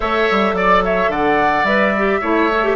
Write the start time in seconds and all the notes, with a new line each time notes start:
0.00 A3 A4 C#5 E5
0.31 G3
0.52 F#3 D5
0.84 C#5 E5
1.08 D3 D5 F#5
1.63 G3 B4 E5
1.97 G4
2.20 A3 E4 C#5
2.53 A4
2.64 G4